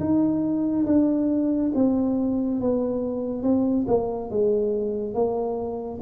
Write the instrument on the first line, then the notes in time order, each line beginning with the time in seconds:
tuba
0.00 D#4
0.86 D4
1.75 C4
2.60 B3
3.43 C4
3.87 A#3
4.30 G#3
5.14 A#3